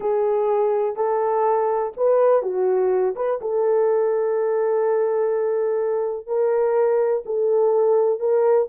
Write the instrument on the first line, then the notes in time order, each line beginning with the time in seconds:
horn
0.00 G#4
0.95 A4
1.96 B4
2.42 F#4
3.15 B4
3.41 A4
6.26 A#4
7.25 A4
8.19 A#4